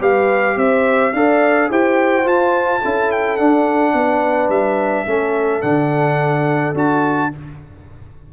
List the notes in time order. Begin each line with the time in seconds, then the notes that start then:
0.00 G3 G4 B4 F5
0.56 C4 C5 E5
1.13 D4 A4 D5 F5
1.70 E4 G4 C5 G5
2.24 F4 A5
2.80 C#4 E4 A4
3.12 G5
3.37 D4 F#5
3.93 B3 B4
4.49 G3 E5
5.06 A3 C#4 A4
5.62 D3 D4 F#5
6.74 D4 F#4 A5